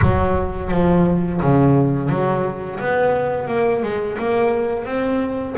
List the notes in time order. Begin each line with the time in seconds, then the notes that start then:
0.01 F#3
0.71 F3
1.41 C#3
2.09 F#3
2.79 B3
3.47 A#3
3.82 G#3
4.18 A#3
4.85 C4